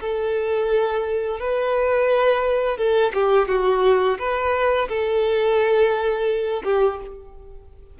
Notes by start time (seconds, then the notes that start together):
0.00 A4
1.40 B4
2.77 A4
3.13 G4
3.48 F#4
4.18 B4
4.88 A4
6.64 G4